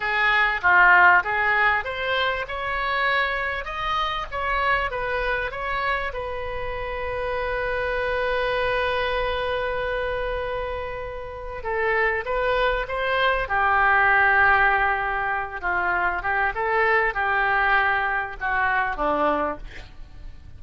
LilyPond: \new Staff \with { instrumentName = "oboe" } { \time 4/4 \tempo 4 = 98 gis'4 f'4 gis'4 c''4 | cis''2 dis''4 cis''4 | b'4 cis''4 b'2~ | b'1~ |
b'2. a'4 | b'4 c''4 g'2~ | g'4. f'4 g'8 a'4 | g'2 fis'4 d'4 | }